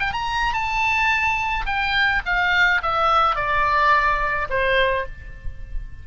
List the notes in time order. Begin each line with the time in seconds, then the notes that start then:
0.00 G5
0.13 A#5
0.54 A5
1.66 G5
2.26 F5
2.83 E5
3.36 D5
4.50 C5